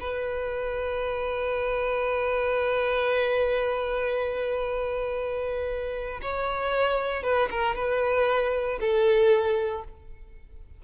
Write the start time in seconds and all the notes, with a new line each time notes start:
0.00 B4
6.22 C#5
7.23 B4
7.51 A#4
7.76 B4
8.80 A4